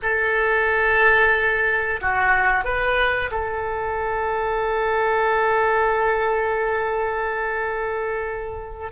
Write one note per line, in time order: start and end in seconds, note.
0.02 2.00 A4
2.01 2.64 F#4
2.64 3.30 B4
3.31 8.91 A4